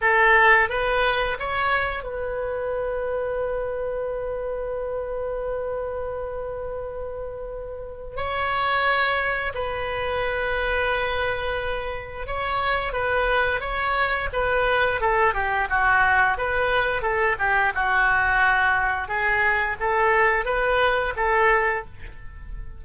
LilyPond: \new Staff \with { instrumentName = "oboe" } { \time 4/4 \tempo 4 = 88 a'4 b'4 cis''4 b'4~ | b'1~ | b'1 | cis''2 b'2~ |
b'2 cis''4 b'4 | cis''4 b'4 a'8 g'8 fis'4 | b'4 a'8 g'8 fis'2 | gis'4 a'4 b'4 a'4 | }